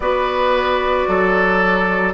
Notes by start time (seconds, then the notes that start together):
0.00 B3 F#4 B4 D5
1.07 F#3 A4